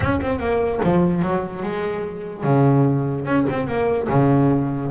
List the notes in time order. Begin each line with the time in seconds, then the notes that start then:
0.00 C#4
0.20 C4
0.39 A#3
0.84 F3
1.21 F#3
1.62 G#3
2.43 C#3
3.25 C#4
3.49 C4
3.67 A#3
4.09 C#3